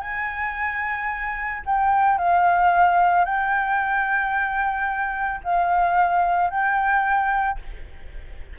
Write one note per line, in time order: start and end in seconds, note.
0.00 1.62 G#5
1.66 2.18 G5
2.18 3.24 F5
3.24 5.41 G5
5.43 6.50 F5
6.50 7.58 G5